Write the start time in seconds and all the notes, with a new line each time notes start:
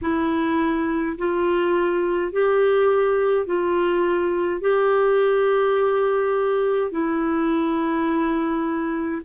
0.01 E4
1.17 F4
2.32 G4
3.46 F4
4.60 G4
6.91 E4